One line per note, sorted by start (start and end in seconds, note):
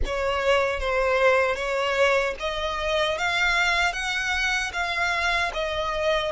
0.05 0.80 C#5
0.80 1.55 C5
1.55 2.34 C#5
2.39 3.18 D#5
3.18 3.92 F5
3.92 4.71 F#5
4.72 5.51 F5
5.53 6.31 D#5